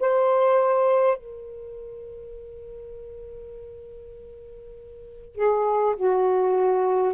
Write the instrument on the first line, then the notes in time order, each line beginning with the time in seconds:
saxophone
0.00 C5
1.17 A#4
5.35 G#4
5.96 F#4